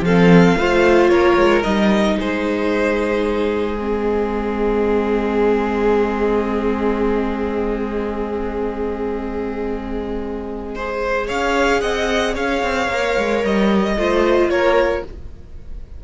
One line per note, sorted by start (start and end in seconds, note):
0.00 0.54 F3
0.00 0.58 C4
0.00 0.57 A4
0.00 1.08 F5
0.57 1.10 A3
0.57 1.63 F4
0.57 1.10 C5
1.08 1.37 A#3
1.08 2.17 A#4
1.08 1.62 C#5
1.37 1.63 G#3
1.63 2.18 G3
1.63 3.77 D#4
1.63 2.17 D#5
2.18 11.29 G#3
2.18 10.75 G#4
2.18 3.80 C5
3.78 10.74 C4
3.78 11.28 D#5
10.75 12.92 G#4
10.75 11.27 C5
11.27 11.82 C#4
11.27 11.80 C#5
11.27 11.80 F5
11.80 12.35 C4
11.80 12.34 D#5
11.80 12.34 F#5
12.34 12.62 C#4
12.34 13.94 C#5
12.34 13.43 F5
12.62 12.87 C4
12.87 13.14 A#3
12.87 13.96 A#4
13.17 13.43 G#3
13.43 13.96 G3
13.43 14.49 D#5
13.96 14.49 A3
13.96 15.04 F4
13.96 14.50 C5
14.49 15.02 A#3
14.49 15.04 A#4
14.49 15.03 C#5